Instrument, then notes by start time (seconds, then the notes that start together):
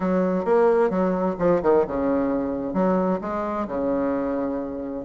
bassoon
0.00 F#3
0.44 A#3
0.89 F#3
1.38 F3
1.62 D#3
1.87 C#3
2.73 F#3
3.21 G#3
3.67 C#3